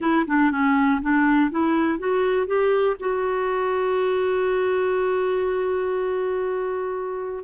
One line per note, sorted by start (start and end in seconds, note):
0.00 0.25 E4
0.27 0.51 D4
0.51 1.00 C#4
1.01 1.50 D4
1.50 1.98 E4
1.98 2.46 F#4
2.46 2.96 G4
2.99 7.44 F#4